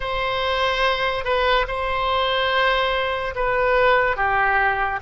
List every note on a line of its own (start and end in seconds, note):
0.00 1.24 C5
1.24 1.66 B4
1.67 3.34 C5
3.35 4.16 B4
4.16 4.99 G4